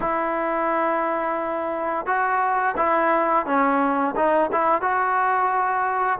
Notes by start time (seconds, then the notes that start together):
0.00 E4
2.06 F#4
2.76 E4
3.45 C#4
4.15 D#4
4.52 E4
4.81 F#4